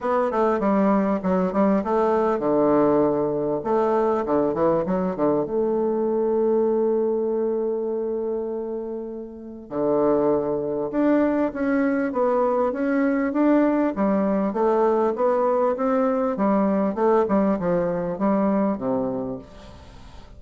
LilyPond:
\new Staff \with { instrumentName = "bassoon" } { \time 4/4 \tempo 4 = 99 b8 a8 g4 fis8 g8 a4 | d2 a4 d8 e8 | fis8 d8 a2.~ | a1 |
d2 d'4 cis'4 | b4 cis'4 d'4 g4 | a4 b4 c'4 g4 | a8 g8 f4 g4 c4 | }